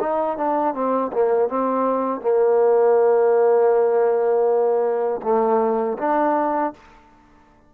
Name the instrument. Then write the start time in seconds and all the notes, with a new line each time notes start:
trombone
0.00 D#4
0.37 D4
0.74 C4
1.12 A#3
1.48 C4
2.21 A#3
5.22 A3
5.98 D4